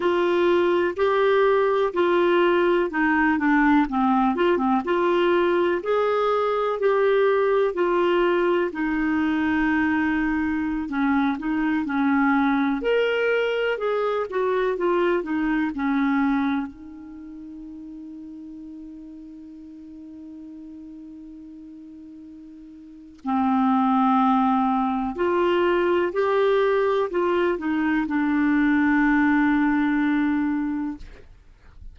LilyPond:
\new Staff \with { instrumentName = "clarinet" } { \time 4/4 \tempo 4 = 62 f'4 g'4 f'4 dis'8 d'8 | c'8 f'16 c'16 f'4 gis'4 g'4 | f'4 dis'2~ dis'16 cis'8 dis'16~ | dis'16 cis'4 ais'4 gis'8 fis'8 f'8 dis'16~ |
dis'16 cis'4 dis'2~ dis'8.~ | dis'1 | c'2 f'4 g'4 | f'8 dis'8 d'2. | }